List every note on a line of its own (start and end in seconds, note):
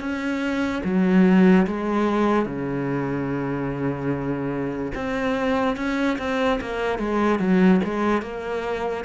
0.00 0.82 C#4
0.84 1.66 F#3
1.67 2.45 G#3
2.45 4.92 C#3
4.95 5.76 C4
5.76 6.18 C#4
6.18 6.59 C4
6.61 6.99 A#3
6.99 7.39 G#3
7.39 7.80 F#3
7.84 8.22 G#3
8.22 9.04 A#3